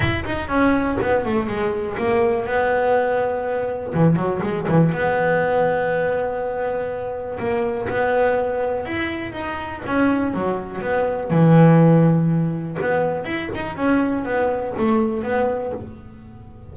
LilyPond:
\new Staff \with { instrumentName = "double bass" } { \time 4/4 \tempo 4 = 122 e'8 dis'8 cis'4 b8 a8 gis4 | ais4 b2. | e8 fis8 gis8 e8 b2~ | b2. ais4 |
b2 e'4 dis'4 | cis'4 fis4 b4 e4~ | e2 b4 e'8 dis'8 | cis'4 b4 a4 b4 | }